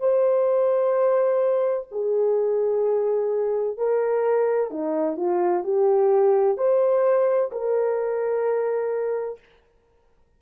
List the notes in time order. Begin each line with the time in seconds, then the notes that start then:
0.00 C5
1.92 G#4
3.78 A#4
4.71 D#4
5.17 F4
5.64 G4
6.58 C5
7.52 A#4